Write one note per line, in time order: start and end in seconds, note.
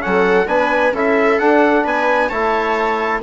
0.00 0.46 F#3
0.00 0.45 C#4
0.00 0.48 A4
0.00 0.47 F#5
0.46 0.92 B3
0.46 0.92 D4
0.46 0.93 B4
0.46 0.93 G#5
0.92 1.37 C#4
0.92 1.39 E4
0.92 1.84 A4
0.92 1.38 E5
1.38 1.84 D4
1.38 2.30 D4
1.38 1.84 F#5
1.84 2.30 B3
1.84 2.28 B4
1.84 2.29 G#5
2.28 3.22 A3
2.28 3.21 E4
2.28 3.19 C#5
2.28 3.20 A5